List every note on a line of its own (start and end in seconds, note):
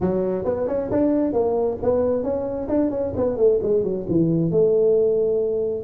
0.01 0.44 F#3
0.44 0.67 B3
0.67 0.90 C#4
0.91 1.32 D4
1.32 1.77 A#3
1.82 2.23 B3
2.23 2.68 C#4
2.68 2.90 D4
2.90 3.13 C#4
3.16 3.36 B3
3.36 3.59 A3
3.62 3.83 G#3
3.83 4.06 F#3
4.08 4.51 E3
4.51 5.84 A3